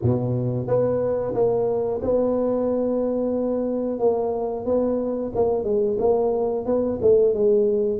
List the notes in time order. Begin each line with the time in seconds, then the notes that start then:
0.02 B2
0.67 B3
1.34 A#3
2.02 B3
3.99 A#3
4.65 B3
5.35 A#3
5.64 G#3
5.98 A#3
6.65 B3
7.01 A3
7.33 G#3